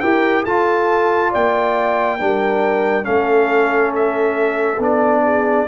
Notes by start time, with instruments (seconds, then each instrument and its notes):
0.00 tuba E4, trombone G4, horn A#4, trumpet G5
0.44 tuba F4, trombone F4, horn A4, trumpet A5
1.31 tuba A#3, horn D5, trumpet G5
2.18 tuba G3, trombone D4, horn A#4
3.03 tuba A3, trombone C#4, horn A4, trumpet F5
3.95 trumpet E5
4.78 tuba B3, trombone D4, trumpet D5
5.23 horn G#4